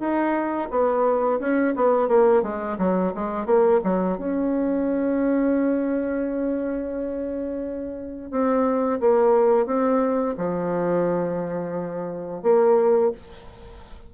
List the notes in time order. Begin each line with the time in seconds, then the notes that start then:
0.00 D#4
0.71 B3
1.40 C#4
1.76 B3
2.08 A#3
2.43 G#3
2.79 F#3
3.15 G#3
3.46 A#3
3.84 F#3
4.18 C#4
8.31 C4
9.00 A#3
9.66 C4
10.38 F3
12.43 A#3